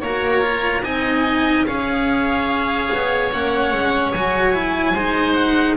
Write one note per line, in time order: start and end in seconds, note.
0.00 0.83 A#3
0.00 0.42 F#4
0.00 0.82 C#5
0.00 0.84 A#5
0.42 0.83 F4
0.83 1.65 C4
0.83 1.67 D#4
0.83 1.66 D#5
0.83 1.66 G#5
1.67 2.90 C#4
1.67 3.32 G#4
1.67 4.93 C#5
1.67 3.31 F5
2.94 3.34 B3
3.33 3.72 A#3
3.33 4.15 C#4
3.33 4.12 F#5
3.72 4.13 G#3
4.12 4.95 F#3
4.12 4.54 F#4
4.12 5.33 G#5
4.54 4.95 E4
4.93 5.77 G#3
4.93 5.77 D#4
4.93 5.76 C5
5.33 5.74 F#5